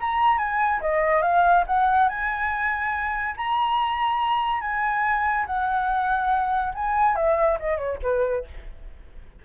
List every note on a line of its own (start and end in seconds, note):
0.00 0.38 A#5
0.38 0.80 G#5
0.81 1.22 D#5
1.22 1.64 F5
1.67 2.09 F#5
2.09 3.35 G#5
3.36 4.61 A#5
4.61 5.45 G#5
5.46 6.73 F#5
6.74 7.16 G#5
7.16 7.58 E5
7.59 7.77 D#5
7.77 7.98 C#5
8.02 8.44 B4